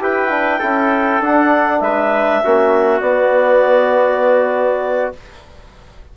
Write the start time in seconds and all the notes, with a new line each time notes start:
0.00 E4 G4 B4 G5
0.30 D4
0.59 C#4 E4 A4
1.20 D4 F#5
1.80 G#3 B4 E5
2.44 A#3 C#4 F#4
3.00 B3 D5